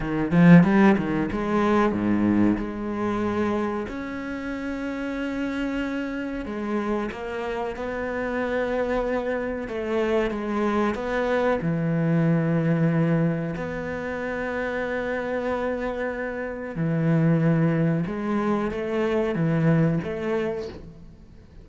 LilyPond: \new Staff \with { instrumentName = "cello" } { \time 4/4 \tempo 4 = 93 dis8 f8 g8 dis8 gis4 gis,4 | gis2 cis'2~ | cis'2 gis4 ais4 | b2. a4 |
gis4 b4 e2~ | e4 b2.~ | b2 e2 | gis4 a4 e4 a4 | }